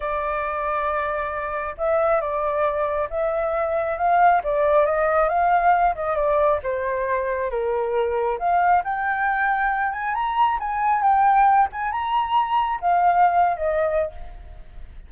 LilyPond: \new Staff \with { instrumentName = "flute" } { \time 4/4 \tempo 4 = 136 d''1 | e''4 d''2 e''4~ | e''4 f''4 d''4 dis''4 | f''4. dis''8 d''4 c''4~ |
c''4 ais'2 f''4 | g''2~ g''8 gis''8 ais''4 | gis''4 g''4. gis''8 ais''4~ | ais''4 f''4.~ f''16 dis''4~ dis''16 | }